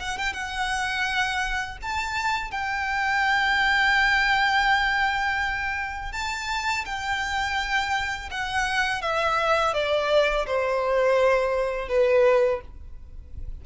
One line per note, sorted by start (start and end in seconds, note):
0.00 0.17 F#5
0.17 0.33 G5
0.33 1.78 F#5
1.82 2.51 A5
2.51 6.13 G5
6.13 6.85 A5
6.85 8.30 G5
8.31 9.02 F#5
9.02 9.74 E5
9.74 10.46 D5
10.47 11.88 C5
11.88 12.61 B4